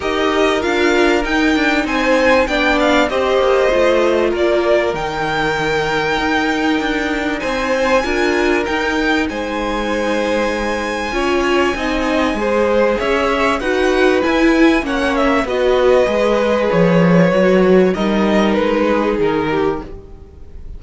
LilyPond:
<<
  \new Staff \with { instrumentName = "violin" } { \time 4/4 \tempo 4 = 97 dis''4 f''4 g''4 gis''4 | g''8 f''8 dis''2 d''4 | g''1 | gis''2 g''4 gis''4~ |
gis''1~ | gis''4 e''4 fis''4 gis''4 | fis''8 e''8 dis''2 cis''4~ | cis''4 dis''4 b'4 ais'4 | }
  \new Staff \with { instrumentName = "violin" } { \time 4/4 ais'2. c''4 | d''4 c''2 ais'4~ | ais'1 | c''4 ais'2 c''4~ |
c''2 cis''4 dis''4 | c''4 cis''4 b'2 | cis''4 b'2.~ | b'4 ais'4. gis'4 g'8 | }
  \new Staff \with { instrumentName = "viola" } { \time 4/4 g'4 f'4 dis'2 | d'4 g'4 f'2 | dis'1~ | dis'4 f'4 dis'2~ |
dis'2 f'4 dis'4 | gis'2 fis'4 e'4 | cis'4 fis'4 gis'2 | fis'4 dis'2. | }
  \new Staff \with { instrumentName = "cello" } { \time 4/4 dis'4 d'4 dis'8 d'8 c'4 | b4 c'8 ais8 a4 ais4 | dis2 dis'4 d'4 | c'4 d'4 dis'4 gis4~ |
gis2 cis'4 c'4 | gis4 cis'4 dis'4 e'4 | ais4 b4 gis4 f4 | fis4 g4 gis4 dis4 | }
>>